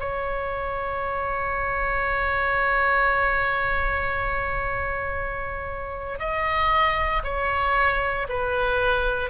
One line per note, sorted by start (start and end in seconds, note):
0.00 6.20 C#5
6.20 7.23 D#5
7.24 8.28 C#5
8.29 9.31 B4